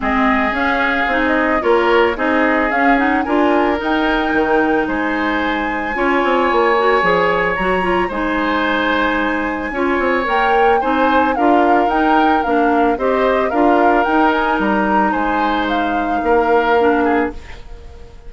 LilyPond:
<<
  \new Staff \with { instrumentName = "flute" } { \time 4/4 \tempo 4 = 111 dis''4 f''4~ f''16 dis''8. cis''4 | dis''4 f''8 fis''8 gis''4 g''4~ | g''4 gis''2.~ | gis''2 ais''4 gis''4~ |
gis''2. g''4 | gis''4 f''4 g''4 f''4 | dis''4 f''4 g''8 gis''8 ais''4 | gis''4 f''2. | }
  \new Staff \with { instrumentName = "oboe" } { \time 4/4 gis'2. ais'4 | gis'2 ais'2~ | ais'4 c''2 cis''4~ | cis''2. c''4~ |
c''2 cis''2 | c''4 ais'2. | c''4 ais'2. | c''2 ais'4. gis'8 | }
  \new Staff \with { instrumentName = "clarinet" } { \time 4/4 c'4 cis'4 dis'4 f'4 | dis'4 cis'8 dis'8 f'4 dis'4~ | dis'2. f'4~ | f'8 fis'8 gis'4 fis'8 f'8 dis'4~ |
dis'2 f'4 ais'4 | dis'4 f'4 dis'4 d'4 | g'4 f'4 dis'2~ | dis'2. d'4 | }
  \new Staff \with { instrumentName = "bassoon" } { \time 4/4 gis4 cis'4 c'4 ais4 | c'4 cis'4 d'4 dis'4 | dis4 gis2 cis'8 c'8 | ais4 f4 fis4 gis4~ |
gis2 cis'8 c'8 ais4 | c'4 d'4 dis'4 ais4 | c'4 d'4 dis'4 g4 | gis2 ais2 | }
>>